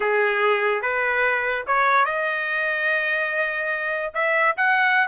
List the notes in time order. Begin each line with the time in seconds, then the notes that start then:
0.00 G#4
0.82 B4
1.66 C#5
2.05 D#5
4.14 E5
4.56 F#5